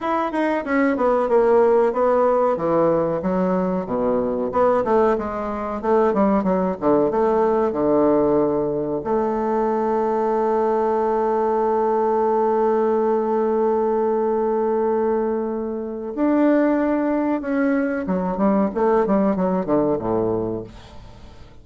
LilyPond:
\new Staff \with { instrumentName = "bassoon" } { \time 4/4 \tempo 4 = 93 e'8 dis'8 cis'8 b8 ais4 b4 | e4 fis4 b,4 b8 a8 | gis4 a8 g8 fis8 d8 a4 | d2 a2~ |
a1~ | a1~ | a4 d'2 cis'4 | fis8 g8 a8 g8 fis8 d8 a,4 | }